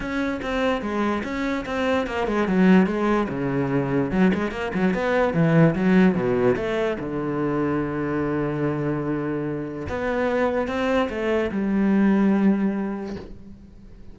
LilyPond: \new Staff \with { instrumentName = "cello" } { \time 4/4 \tempo 4 = 146 cis'4 c'4 gis4 cis'4 | c'4 ais8 gis8 fis4 gis4 | cis2 fis8 gis8 ais8 fis8 | b4 e4 fis4 b,4 |
a4 d2.~ | d1 | b2 c'4 a4 | g1 | }